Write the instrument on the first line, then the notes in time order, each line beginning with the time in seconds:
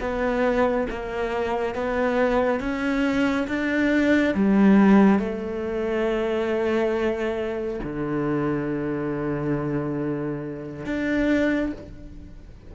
cello
0.00 B3
0.90 A#3
1.75 B3
2.60 C#4
3.48 D4
4.34 G3
5.19 A3
7.84 D3
10.86 D4